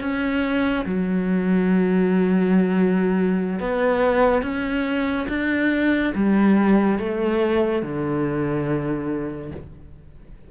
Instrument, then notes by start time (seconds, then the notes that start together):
cello
0.00 C#4
0.85 F#3
3.59 B3
4.42 C#4
5.28 D4
6.14 G3
6.98 A3
7.82 D3